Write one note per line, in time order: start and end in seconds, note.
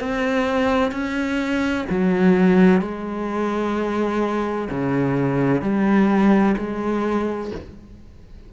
0.00 0.92 C4
0.92 1.86 C#4
1.90 2.82 F#3
2.82 4.69 G#3
4.70 5.62 C#3
5.62 6.56 G3
6.58 7.52 G#3